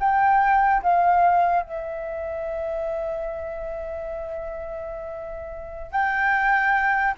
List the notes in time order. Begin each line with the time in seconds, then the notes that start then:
0.00 G5
0.83 F5
1.63 E5
5.92 G5